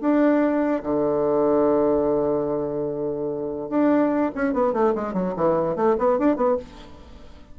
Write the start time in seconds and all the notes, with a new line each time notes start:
0.00 D4
0.83 D3
3.69 D4
4.35 C#4
4.53 B3
4.73 A3
4.95 G#3
5.13 F#3
5.36 E3
5.75 A3
5.98 B3
6.18 D4
6.36 B3